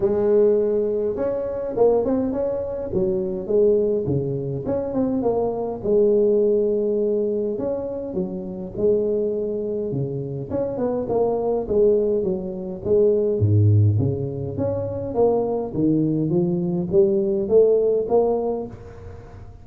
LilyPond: \new Staff \with { instrumentName = "tuba" } { \time 4/4 \tempo 4 = 103 gis2 cis'4 ais8 c'8 | cis'4 fis4 gis4 cis4 | cis'8 c'8 ais4 gis2~ | gis4 cis'4 fis4 gis4~ |
gis4 cis4 cis'8 b8 ais4 | gis4 fis4 gis4 gis,4 | cis4 cis'4 ais4 dis4 | f4 g4 a4 ais4 | }